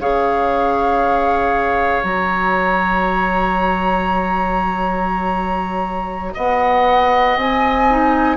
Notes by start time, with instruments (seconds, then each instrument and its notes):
0.00 bassoon C#3, clarinet G#4, oboe C#5, flute F5
2.02 bassoon F#3, clarinet F#4, flute A#5
6.34 bassoon B3, oboe D#5, flute F#5
7.36 bassoon C4, flute G#5
7.90 clarinet D#4